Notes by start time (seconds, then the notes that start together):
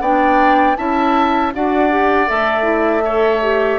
0.00 B3 D4 D5 G5
0.76 C#4 E4 E5 A5
1.53 D4 F#4 D5 F#5
1.90 G4
2.27 A3 A4 E5
2.62 E4
3.04 A4 C#5
3.42 G4